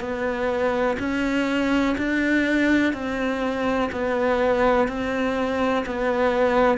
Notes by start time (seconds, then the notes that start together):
0.00 B3
0.99 C#4
1.97 D4
2.93 C4
3.91 B3
4.88 C4
5.86 B3